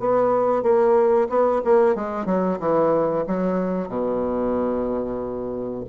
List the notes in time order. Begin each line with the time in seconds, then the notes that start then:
0.00 B3
0.63 A#3
1.30 B3
1.65 A#3
1.95 G#3
2.26 F#3
2.60 E3
3.28 F#3
3.89 B2